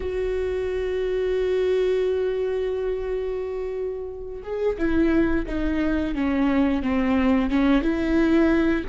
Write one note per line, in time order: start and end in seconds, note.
0.00 4.42 F#4
4.43 4.77 G#4
4.77 5.45 E4
5.46 6.14 D#4
6.14 6.82 C#4
6.82 7.50 C4
7.50 7.82 C#4
7.82 8.84 E4